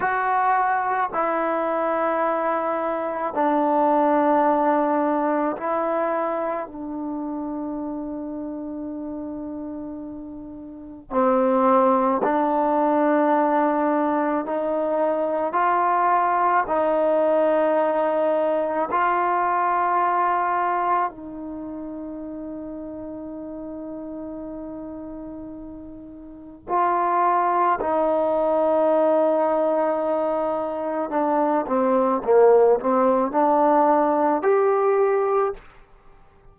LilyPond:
\new Staff \with { instrumentName = "trombone" } { \time 4/4 \tempo 4 = 54 fis'4 e'2 d'4~ | d'4 e'4 d'2~ | d'2 c'4 d'4~ | d'4 dis'4 f'4 dis'4~ |
dis'4 f'2 dis'4~ | dis'1 | f'4 dis'2. | d'8 c'8 ais8 c'8 d'4 g'4 | }